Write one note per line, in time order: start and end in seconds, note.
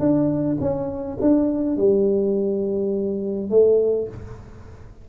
0.00 0.58 D4
0.61 1.18 C#4
1.21 1.77 D4
1.77 3.50 G3
3.50 4.08 A3